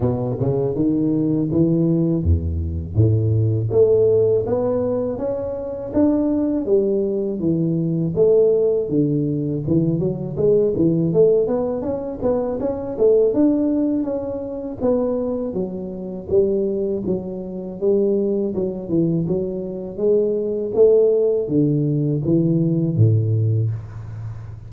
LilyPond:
\new Staff \with { instrumentName = "tuba" } { \time 4/4 \tempo 4 = 81 b,8 cis8 dis4 e4 e,4 | a,4 a4 b4 cis'4 | d'4 g4 e4 a4 | d4 e8 fis8 gis8 e8 a8 b8 |
cis'8 b8 cis'8 a8 d'4 cis'4 | b4 fis4 g4 fis4 | g4 fis8 e8 fis4 gis4 | a4 d4 e4 a,4 | }